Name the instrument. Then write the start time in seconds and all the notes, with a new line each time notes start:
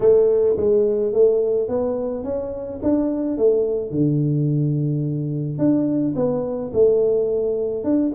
tuba
0.00 A3
0.57 G#3
1.12 A3
1.68 B3
2.24 C#4
2.82 D4
3.37 A3
3.90 D3
5.58 D4
6.15 B3
6.73 A3
7.84 D4